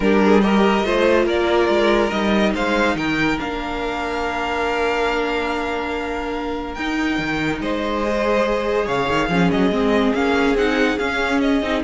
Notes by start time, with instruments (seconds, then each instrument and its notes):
0.00 cello G3, viola D4, violin G4 A#4
0.24 violin G#4
0.41 viola G4, violin A#4 D#5
0.83 cello A3, viola F4, violin C5
1.25 cello A#3, violin A#4 D5
1.68 cello G#3
2.09 cello G3, viola D#4, violin D#5
2.53 cello G#3, violin C5 F5
2.95 cello D#3, violin A#4 G5
3.38 cello A#3, viola D4, violin F5
6.74 cello D#4, viola D#4, violin G5
7.18 cello D#3
7.60 cello G#3, violin C5 D#5
8.03 viola G#4
8.86 cello C#3, violin C#5 F5
9.08 cello D#3
9.28 cello F3, viola C#4, violin G#4
9.50 cello F#3, violin D#5
9.70 cello G#3, viola C4
10.13 cello A#3, viola C#4, violin F5
10.54 cello C4, viola D#4, violin F#5
10.98 cello C#4, viola C#4, violin F5
11.40 violin D#5
11.62 cello C4, viola D#4